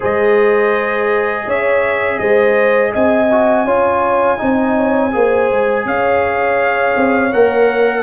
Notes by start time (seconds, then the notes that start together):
0.00 G#3 G#4 C5 D#5
1.46 C#4 C#5 E5
2.18 G#3 C5 D#5
2.92 C4 D#5 G#5
3.31 F#4
3.64 C#4 F4 C#5
4.37 C4 D#4 D#5
4.75 C#5
5.11 A#3 G#4 C5
5.51 G#3
5.85 C#4 C#5 F5
6.96 C4
7.32 A#3 A#4 F#5